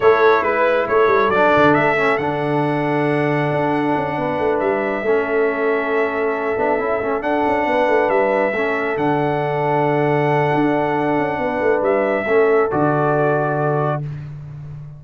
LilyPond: <<
  \new Staff \with { instrumentName = "trumpet" } { \time 4/4 \tempo 4 = 137 cis''4 b'4 cis''4 d''4 | e''4 fis''2.~ | fis''2~ fis''8 e''4.~ | e''1~ |
e''8 fis''2 e''4.~ | e''8 fis''2.~ fis''8~ | fis''2. e''4~ | e''4 d''2. | }
  \new Staff \with { instrumentName = "horn" } { \time 4/4 a'4 b'4 a'2~ | a'1~ | a'4. b'2 a'8~ | a'1~ |
a'4. b'2 a'8~ | a'1~ | a'2 b'2 | a'1 | }
  \new Staff \with { instrumentName = "trombone" } { \time 4/4 e'2. d'4~ | d'8 cis'8 d'2.~ | d'2.~ d'8 cis'8~ | cis'2. d'8 e'8 |
cis'8 d'2. cis'8~ | cis'8 d'2.~ d'8~ | d'1 | cis'4 fis'2. | }
  \new Staff \with { instrumentName = "tuba" } { \time 4/4 a4 gis4 a8 g8 fis8 d8 | a4 d2. | d'4 cis'8 b8 a8 g4 a8~ | a2. b8 cis'8 |
a8 d'8 cis'8 b8 a8 g4 a8~ | a8 d2.~ d8 | d'4. cis'8 b8 a8 g4 | a4 d2. | }
>>